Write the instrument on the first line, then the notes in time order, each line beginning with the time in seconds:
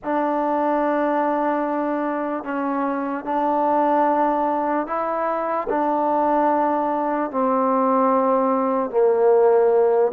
trombone
0.03 D4
2.44 C#4
3.24 D4
4.86 E4
5.69 D4
7.30 C4
8.90 A#3